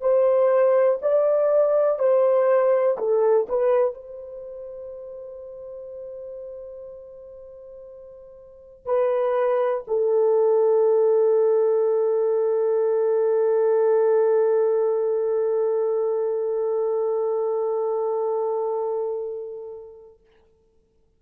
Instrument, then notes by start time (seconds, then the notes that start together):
horn
0.00 C5
1.01 D5
1.99 C5
2.97 A4
3.49 B4
3.94 C5
8.85 B4
9.87 A4